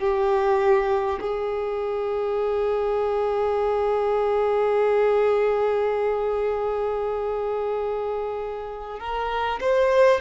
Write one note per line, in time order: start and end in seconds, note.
0.00 1.20 G4
1.21 9.00 G#4
9.00 9.60 A#4
9.61 10.21 C5